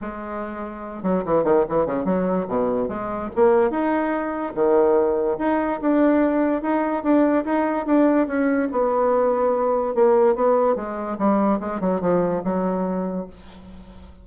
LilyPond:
\new Staff \with { instrumentName = "bassoon" } { \time 4/4 \tempo 4 = 145 gis2~ gis8 fis8 e8 dis8 | e8 cis8 fis4 b,4 gis4 | ais4 dis'2 dis4~ | dis4 dis'4 d'2 |
dis'4 d'4 dis'4 d'4 | cis'4 b2. | ais4 b4 gis4 g4 | gis8 fis8 f4 fis2 | }